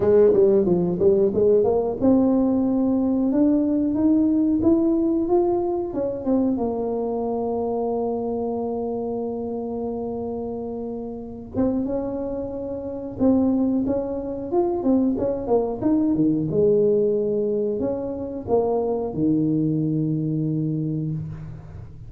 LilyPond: \new Staff \with { instrumentName = "tuba" } { \time 4/4 \tempo 4 = 91 gis8 g8 f8 g8 gis8 ais8 c'4~ | c'4 d'4 dis'4 e'4 | f'4 cis'8 c'8 ais2~ | ais1~ |
ais4. c'8 cis'2 | c'4 cis'4 f'8 c'8 cis'8 ais8 | dis'8 dis8 gis2 cis'4 | ais4 dis2. | }